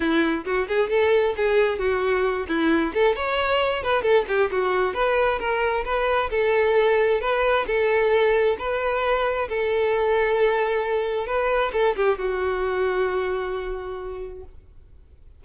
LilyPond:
\new Staff \with { instrumentName = "violin" } { \time 4/4 \tempo 4 = 133 e'4 fis'8 gis'8 a'4 gis'4 | fis'4. e'4 a'8 cis''4~ | cis''8 b'8 a'8 g'8 fis'4 b'4 | ais'4 b'4 a'2 |
b'4 a'2 b'4~ | b'4 a'2.~ | a'4 b'4 a'8 g'8 fis'4~ | fis'1 | }